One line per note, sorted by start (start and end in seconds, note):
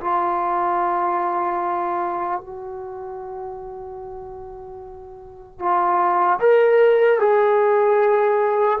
0.00 2.40 F4
2.40 5.59 F#4
5.59 6.39 F4
6.39 7.19 A#4
7.19 8.79 G#4